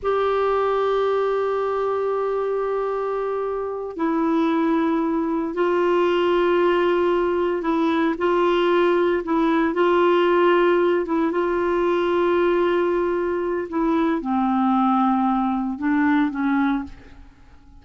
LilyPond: \new Staff \with { instrumentName = "clarinet" } { \time 4/4 \tempo 4 = 114 g'1~ | g'2.~ g'8 e'8~ | e'2~ e'8 f'4.~ | f'2~ f'8 e'4 f'8~ |
f'4. e'4 f'4.~ | f'4 e'8 f'2~ f'8~ | f'2 e'4 c'4~ | c'2 d'4 cis'4 | }